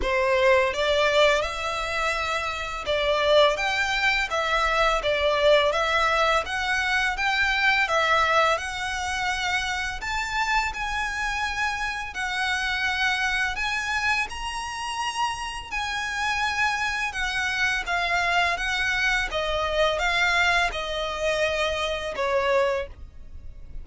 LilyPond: \new Staff \with { instrumentName = "violin" } { \time 4/4 \tempo 4 = 84 c''4 d''4 e''2 | d''4 g''4 e''4 d''4 | e''4 fis''4 g''4 e''4 | fis''2 a''4 gis''4~ |
gis''4 fis''2 gis''4 | ais''2 gis''2 | fis''4 f''4 fis''4 dis''4 | f''4 dis''2 cis''4 | }